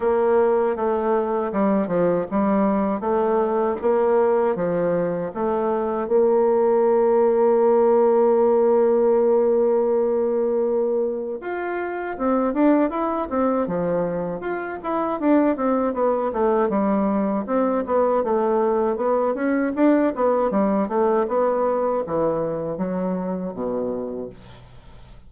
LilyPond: \new Staff \with { instrumentName = "bassoon" } { \time 4/4 \tempo 4 = 79 ais4 a4 g8 f8 g4 | a4 ais4 f4 a4 | ais1~ | ais2. f'4 |
c'8 d'8 e'8 c'8 f4 f'8 e'8 | d'8 c'8 b8 a8 g4 c'8 b8 | a4 b8 cis'8 d'8 b8 g8 a8 | b4 e4 fis4 b,4 | }